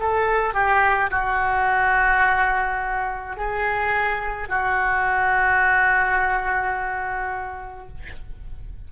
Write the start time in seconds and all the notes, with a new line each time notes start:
0.00 A4
0.54 G4
1.11 F#4
3.37 G#4
4.49 F#4